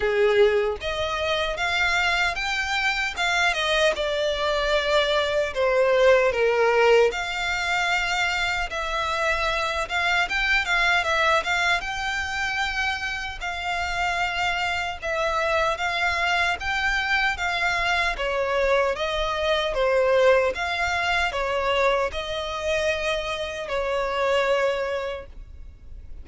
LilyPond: \new Staff \with { instrumentName = "violin" } { \time 4/4 \tempo 4 = 76 gis'4 dis''4 f''4 g''4 | f''8 dis''8 d''2 c''4 | ais'4 f''2 e''4~ | e''8 f''8 g''8 f''8 e''8 f''8 g''4~ |
g''4 f''2 e''4 | f''4 g''4 f''4 cis''4 | dis''4 c''4 f''4 cis''4 | dis''2 cis''2 | }